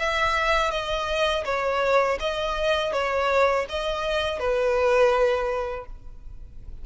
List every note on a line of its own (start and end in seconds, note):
0.00 0.72 E5
0.72 1.45 D#5
1.46 2.19 C#5
2.20 2.93 D#5
2.93 3.66 C#5
3.70 4.40 D#5
4.40 5.86 B4